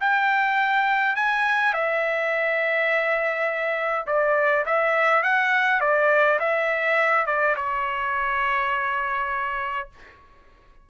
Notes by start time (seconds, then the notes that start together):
0.00 G5
1.16 G#5
1.73 E5
4.06 D5
4.65 E5
5.23 F#5
5.80 D5
6.39 E5
7.26 D5
7.56 C#5